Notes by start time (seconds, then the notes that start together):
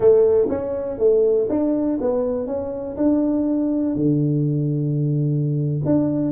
0.00 A3
0.49 C#4
0.98 A3
1.49 D4
2.01 B3
2.47 C#4
2.97 D4
3.95 D3
5.85 D4